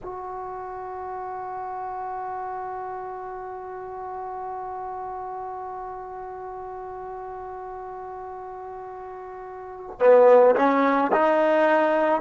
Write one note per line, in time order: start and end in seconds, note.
0.03 9.99 F#4
9.99 10.55 B3
10.55 11.11 C#4
11.12 12.21 D#4